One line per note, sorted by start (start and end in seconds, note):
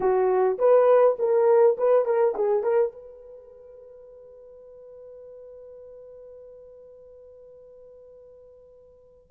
0.00 0.58 F#4
0.58 1.16 B4
1.18 1.76 A#4
1.77 2.05 B4
2.05 2.34 A#4
2.35 2.63 G#4
2.63 2.92 A#4
2.92 9.30 B4